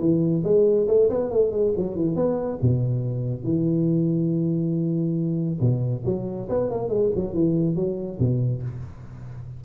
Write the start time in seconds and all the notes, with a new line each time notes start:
0.00 E3
0.44 G#3
0.88 A3
1.10 B3
1.31 A3
1.51 G#3
1.77 F#3
1.96 E3
2.16 B3
2.62 B2
3.44 E3
5.61 B2
6.05 F#3
6.49 B3
6.71 A#3
6.89 G#3
7.16 F#3
7.34 E3
7.76 F#3
8.20 B2